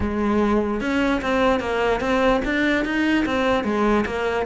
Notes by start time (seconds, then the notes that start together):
0.00 G#3
0.80 C#4
1.21 C4
1.59 A#3
2.00 C4
2.44 D4
2.84 D#4
3.25 C4
3.64 G#3
4.05 A#3